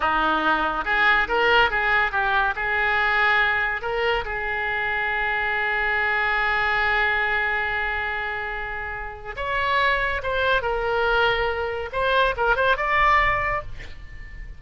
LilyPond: \new Staff \with { instrumentName = "oboe" } { \time 4/4 \tempo 4 = 141 dis'2 gis'4 ais'4 | gis'4 g'4 gis'2~ | gis'4 ais'4 gis'2~ | gis'1~ |
gis'1~ | gis'2 cis''2 | c''4 ais'2. | c''4 ais'8 c''8 d''2 | }